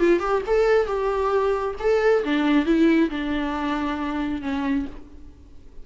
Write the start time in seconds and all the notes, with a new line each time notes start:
0.00 F4
0.20 G4
0.47 A4
0.87 G4
1.80 A4
2.24 D4
2.66 E4
3.10 D4
4.42 C#4